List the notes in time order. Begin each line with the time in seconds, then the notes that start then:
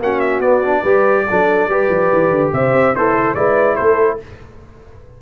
0.00 A#3 C#4 F#4 F#5
0.20 E5
0.40 B3 D5
0.65 D4
0.82 G3 G4 B4
1.30 F#3 D4 A4
1.67 G3 G4 B4
1.90 F3
2.13 E3
2.31 D3
2.52 C3 C5 E5
2.73 C4
2.95 B3 E4 A4 C5
3.13 A3
3.35 G#3 E4 B4 D5
3.76 A3 A4 C5